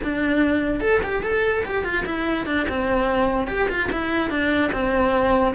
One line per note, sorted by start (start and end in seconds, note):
0.03 0.80 D4
0.80 1.01 A4
1.03 1.22 G4
1.22 1.63 A4
1.64 1.84 G4
1.84 2.05 F4
2.05 2.46 E4
2.46 2.66 D4
2.68 3.47 C4
3.47 3.68 G4
3.69 3.89 F4
3.92 4.29 E4
4.29 4.71 D4
4.72 5.54 C4